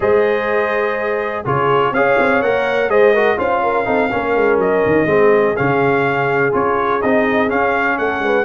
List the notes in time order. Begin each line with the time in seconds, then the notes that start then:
0.00 G#3 G#4 C5 D#5
1.44 C#3 F4 G#4 C#5
1.91 C#4 G#4 C#5 F5
2.18 C4
2.42 A#3 A#4 F#5
2.88 G#3 G#4 C5 D#5
3.13 F#4 A#4
3.37 C#4 F4 C5 F5
3.62 A#4
3.85 C4 D#4 A4
4.11 A#3 C#4 A#4
4.36 G#3
4.57 F#3 D#5
4.86 D#3
5.05 G#3 C4 G#4
5.56 C#3 C#4 F5
6.52 C#4 F4 C#5
7.01 C4 D#4 D#5
7.47 C#4 F5
7.98 A3 A4 F#5
8.19 G#3 B4